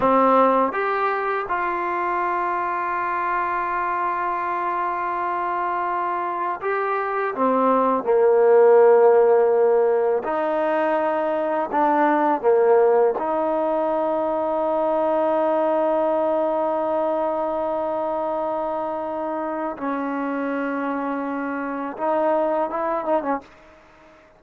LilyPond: \new Staff \with { instrumentName = "trombone" } { \time 4/4 \tempo 4 = 82 c'4 g'4 f'2~ | f'1~ | f'4 g'4 c'4 ais4~ | ais2 dis'2 |
d'4 ais4 dis'2~ | dis'1~ | dis'2. cis'4~ | cis'2 dis'4 e'8 dis'16 cis'16 | }